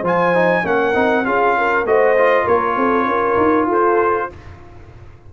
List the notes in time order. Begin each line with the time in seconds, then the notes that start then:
0.00 F3 F4 C5
0.06 G#5
0.34 D#4
0.63 A#3 C#4 A#4 F#5
0.94 C4 D#4
1.24 C#4 F4 G#4 F5
1.58 A#4
1.84 A3 F#4 C5 D#5
2.17 F4
2.44 A#3 A#4 C#5
2.76 C4 A4
3.06 C#4 A#4
3.36 D#4
3.66 F4 A4
3.72 C5